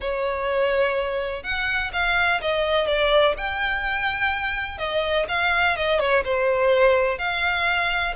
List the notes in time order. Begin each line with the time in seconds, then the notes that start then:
0.00 C#5
1.43 F#5
1.92 F5
2.41 D#5
2.86 D5
3.37 G5
4.78 D#5
5.28 F5
5.76 D#5
5.99 C#5
6.24 C5
7.18 F5